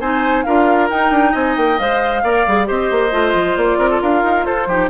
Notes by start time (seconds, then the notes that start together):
0.00 C4 D#4 C5 G#5
0.43 D4 F4 A#4 F5
0.90 D#4 G5
1.11 D4
1.32 C4 D#5 G#5
1.56 A#3 G5
1.78 G#3 C5 F5
2.23 A#3 A#4 D5
2.47 G3 G#4
2.65 C4 G4 C5 D#5
2.91 A#3
3.11 A3 F4
3.34 F3
3.57 A#3 D5
3.77 C4 A#4
3.90 A4
4.01 D4 A#4 F5
4.23 D#4
4.45 F4 A4 C5
4.66 F3 D#4 G4